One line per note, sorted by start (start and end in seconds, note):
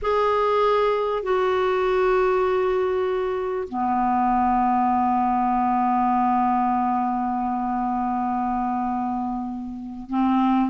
0.01 1.22 G#4
1.22 3.67 F#4
3.68 10.09 B3
10.09 10.70 C4